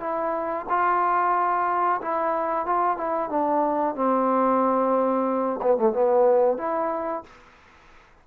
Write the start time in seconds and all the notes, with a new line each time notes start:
0.00 E4
0.69 F4
2.01 E4
2.66 F4
2.97 E4
3.29 D4
3.95 C4
5.62 B3
5.77 A3
5.93 B3
6.58 E4